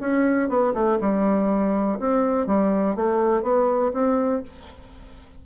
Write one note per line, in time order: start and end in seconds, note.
0.00 0.49 C#4
0.49 0.73 B3
0.74 0.98 A3
1.00 1.99 G3
1.99 2.46 C4
2.46 2.95 G3
2.95 3.42 A3
3.42 3.92 B3
3.93 4.42 C4